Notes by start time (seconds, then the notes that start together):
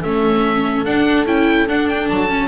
0.00 A3 C#4 A4 E5
0.85 D4 F#5
1.26 C#4 E4 G5
1.68 D4 F#5
1.88 G5
2.09 F#3 A5
2.29 C#4